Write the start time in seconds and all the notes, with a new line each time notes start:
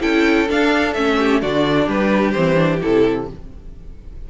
0.00 C#4 E4 A4 G5
0.48 D4 F5
0.93 A3 C#4 E5
1.18 G4
1.41 D3 D4 F#4 D5
1.86 G3 G4 B4
2.31 E3 C4 C5
2.55 D4
2.81 C3 E4 A4